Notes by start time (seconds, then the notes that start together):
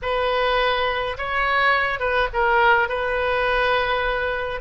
0.02 B4
1.17 C#5
1.99 B4
2.33 A#4
2.88 B4